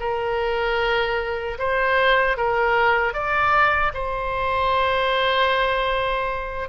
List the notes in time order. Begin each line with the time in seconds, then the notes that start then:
0.00 A#4
1.59 C5
2.37 A#4
3.13 D5
3.94 C5